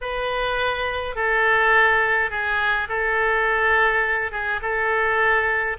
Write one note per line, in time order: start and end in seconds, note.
0.01 1.15 B4
1.15 2.30 A4
2.30 2.87 G#4
2.88 4.31 A4
4.31 4.60 G#4
4.62 5.77 A4